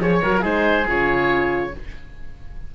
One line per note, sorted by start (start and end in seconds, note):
0.00 0.21 F3
0.00 0.23 G#4
0.00 0.23 C#5
0.00 0.42 C#5
0.23 0.44 F#3
0.23 0.34 F#4
0.23 0.45 A#4
0.38 0.87 G#3
0.38 0.86 D#4
0.38 0.43 F4
0.38 1.70 G#4
0.45 0.88 C5
0.88 1.74 C#3
0.88 1.73 F4
0.88 1.75 C#5